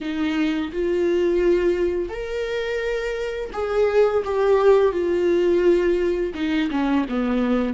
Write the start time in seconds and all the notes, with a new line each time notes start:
0.01 D#4
0.72 F4
2.09 A#4
3.52 G#4
4.24 G4
4.92 F4
6.34 D#4
6.71 C#4
7.08 B3